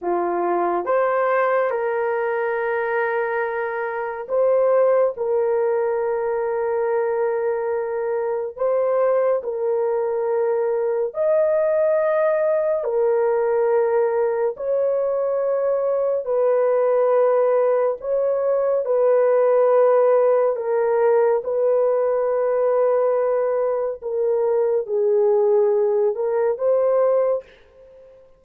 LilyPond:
\new Staff \with { instrumentName = "horn" } { \time 4/4 \tempo 4 = 70 f'4 c''4 ais'2~ | ais'4 c''4 ais'2~ | ais'2 c''4 ais'4~ | ais'4 dis''2 ais'4~ |
ais'4 cis''2 b'4~ | b'4 cis''4 b'2 | ais'4 b'2. | ais'4 gis'4. ais'8 c''4 | }